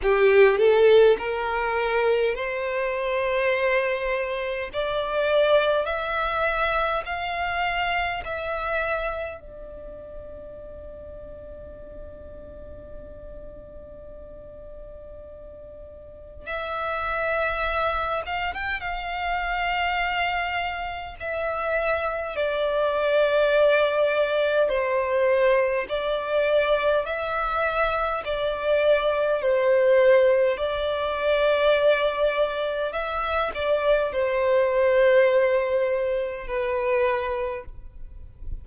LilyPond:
\new Staff \with { instrumentName = "violin" } { \time 4/4 \tempo 4 = 51 g'8 a'8 ais'4 c''2 | d''4 e''4 f''4 e''4 | d''1~ | d''2 e''4. f''16 g''16 |
f''2 e''4 d''4~ | d''4 c''4 d''4 e''4 | d''4 c''4 d''2 | e''8 d''8 c''2 b'4 | }